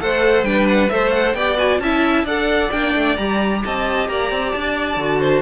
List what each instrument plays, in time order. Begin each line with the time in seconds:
0.00 cello A3, viola A4, violin C5 F#5
0.43 cello G3, viola D4, violin B4 G5
0.68 violin F#5
0.89 cello A3, viola A4, violin C5 E5
1.12 violin F#5
1.34 cello B3, viola G4, violin D5 G5
1.57 viola F#4, violin G#5
1.79 cello C#4, viola E4, violin E5 A5
2.24 cello D4, viola A4, violin D5 F#5
2.71 cello A#3, viola D4, violin G5
2.95 cello A3
3.16 cello G3, viola G4, violin A#5
3.64 cello C4, violin D#5 A5
4.08 cello A#3, violin D5 A#5
4.31 cello C4
4.52 cello D4, violin A5
4.96 cello D3, viola F#4
5.20 violin C5